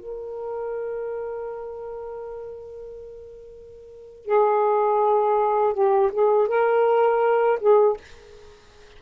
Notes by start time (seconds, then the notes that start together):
0.00 A#4
4.26 G#4
5.74 G4
6.13 G#4
6.48 A#4
7.61 G#4